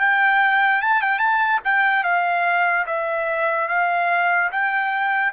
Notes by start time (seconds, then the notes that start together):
0.00 G5
0.82 A5
1.02 G5
1.19 A5
1.65 G5
2.04 F5
2.87 E5
3.69 F5
4.52 G5